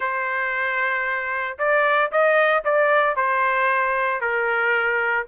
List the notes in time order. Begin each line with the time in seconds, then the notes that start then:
0.00 C5
1.58 D5
2.11 D#5
2.64 D5
3.16 C5
4.20 A#4